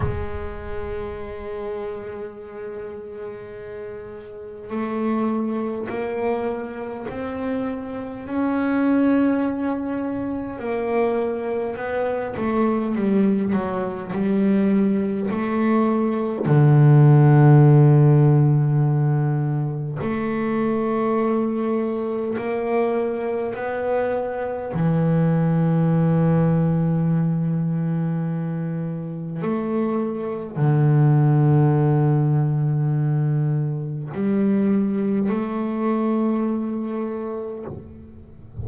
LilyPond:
\new Staff \with { instrumentName = "double bass" } { \time 4/4 \tempo 4 = 51 gis1 | a4 ais4 c'4 cis'4~ | cis'4 ais4 b8 a8 g8 fis8 | g4 a4 d2~ |
d4 a2 ais4 | b4 e2.~ | e4 a4 d2~ | d4 g4 a2 | }